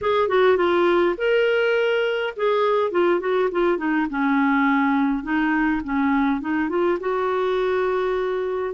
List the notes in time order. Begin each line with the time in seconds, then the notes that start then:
0.01 G#4
0.28 F#4
0.57 F4
1.17 A#4
2.36 G#4
2.91 F4
3.20 F#4
3.51 F4
3.77 D#4
4.09 C#4
5.23 D#4
5.84 C#4
6.40 D#4
6.69 F4
7.00 F#4